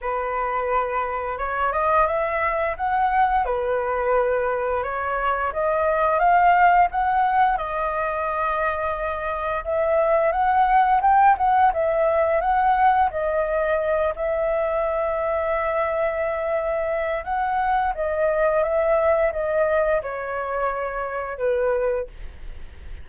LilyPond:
\new Staff \with { instrumentName = "flute" } { \time 4/4 \tempo 4 = 87 b'2 cis''8 dis''8 e''4 | fis''4 b'2 cis''4 | dis''4 f''4 fis''4 dis''4~ | dis''2 e''4 fis''4 |
g''8 fis''8 e''4 fis''4 dis''4~ | dis''8 e''2.~ e''8~ | e''4 fis''4 dis''4 e''4 | dis''4 cis''2 b'4 | }